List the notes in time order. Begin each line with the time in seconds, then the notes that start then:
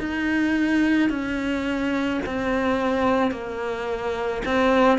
0.00 D#4
1.10 C#4
2.26 C4
3.32 A#3
4.45 C4